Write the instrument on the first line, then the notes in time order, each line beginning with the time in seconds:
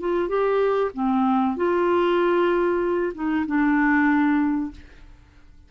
clarinet
0.00 F4
0.28 G4
0.94 C4
1.56 F4
3.14 D#4
3.46 D4